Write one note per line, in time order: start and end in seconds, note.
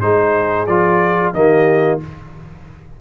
0.00 0.67 G#3
0.00 0.67 D#4
0.00 1.34 G#4
0.00 0.66 C5
0.66 1.33 F3
0.66 1.34 F4
0.66 1.32 D5
1.33 1.99 D#3
1.33 2.00 A#3
1.33 2.00 G4
1.33 1.99 D#5